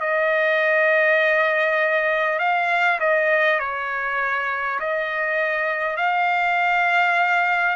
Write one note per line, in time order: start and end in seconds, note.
0.00 2.39 D#5
2.39 2.99 F5
3.00 3.59 D#5
3.59 4.79 C#5
4.80 5.97 D#5
5.97 7.76 F5